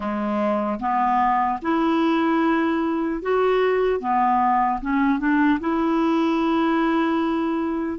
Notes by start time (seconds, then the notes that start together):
0.00 G#3
0.79 B3
1.62 E4
3.22 F#4
4.00 B3
4.81 C#4
5.19 D4
5.60 E4